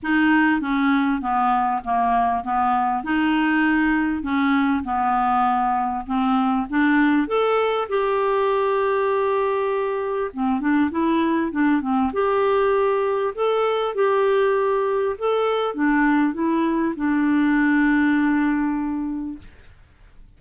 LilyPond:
\new Staff \with { instrumentName = "clarinet" } { \time 4/4 \tempo 4 = 99 dis'4 cis'4 b4 ais4 | b4 dis'2 cis'4 | b2 c'4 d'4 | a'4 g'2.~ |
g'4 c'8 d'8 e'4 d'8 c'8 | g'2 a'4 g'4~ | g'4 a'4 d'4 e'4 | d'1 | }